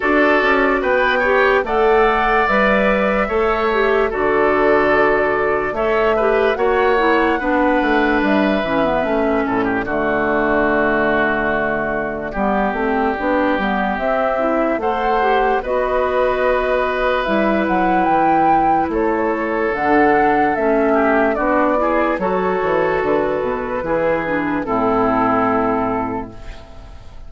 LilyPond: <<
  \new Staff \with { instrumentName = "flute" } { \time 4/4 \tempo 4 = 73 d''4 g''4 fis''4 e''4~ | e''4 d''2 e''4 | fis''2 e''4. d''8~ | d''1~ |
d''4 e''4 fis''4 dis''4~ | dis''4 e''8 fis''8 g''4 cis''4 | fis''4 e''4 d''4 cis''4 | b'2 a'2 | }
  \new Staff \with { instrumentName = "oboe" } { \time 4/4 a'4 b'8 cis''8 d''2 | cis''4 a'2 cis''8 b'8 | cis''4 b'2~ b'8 a'16 g'16 | fis'2. g'4~ |
g'2 c''4 b'4~ | b'2. a'4~ | a'4. g'8 fis'8 gis'8 a'4~ | a'4 gis'4 e'2 | }
  \new Staff \with { instrumentName = "clarinet" } { \time 4/4 fis'4. g'8 a'4 b'4 | a'8 g'8 fis'2 a'8 g'8 | fis'8 e'8 d'4. cis'16 b16 cis'4 | a2. b8 c'8 |
d'8 b8 c'8 e'8 a'8 g'8 fis'4~ | fis'4 e'2. | d'4 cis'4 d'8 e'8 fis'4~ | fis'4 e'8 d'8 c'2 | }
  \new Staff \with { instrumentName = "bassoon" } { \time 4/4 d'8 cis'8 b4 a4 g4 | a4 d2 a4 | ais4 b8 a8 g8 e8 a8 a,8 | d2. g8 a8 |
b8 g8 c'4 a4 b4~ | b4 g8 fis8 e4 a4 | d4 a4 b4 fis8 e8 | d8 b,8 e4 a,2 | }
>>